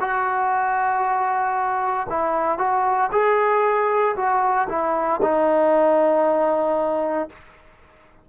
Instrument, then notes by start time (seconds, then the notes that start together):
trombone
0.00 F#4
2.09 E4
2.58 F#4
3.12 G#4
4.16 F#4
4.69 E4
5.22 D#4